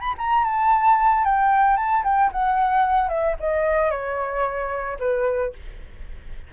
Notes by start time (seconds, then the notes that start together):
0.00 B5
0.18 A#5
0.44 A5
1.24 G5
1.76 A5
2.04 G5
2.32 F#5
3.08 E5
3.39 D#5
3.90 C#5
4.99 B4